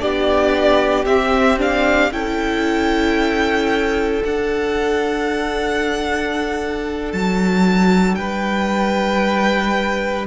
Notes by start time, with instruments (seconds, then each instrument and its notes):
0.00 cello B3, viola D4, violin G4 D5
1.05 cello C4, viola C4, violin E5
1.59 viola D4, violin F5
2.12 cello C#4, viola E4, violin A4 G5
4.23 viola D4, cello D4, violin F#5
7.12 cello F#3, violin A5
8.15 cello G3, violin B4 G5